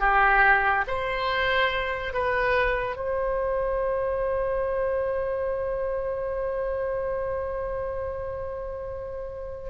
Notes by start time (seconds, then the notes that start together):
0.00 G4
0.88 C5
2.14 B4
2.96 C5